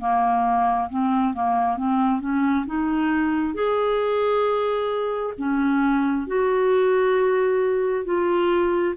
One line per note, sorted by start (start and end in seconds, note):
0.00 0.90 A#3
0.90 1.34 C4
1.34 1.77 A#3
1.77 2.21 C4
2.21 2.66 C#4
2.67 3.55 D#4
3.55 5.34 G#4
5.38 6.28 C#4
6.28 8.06 F#4
8.06 8.95 F4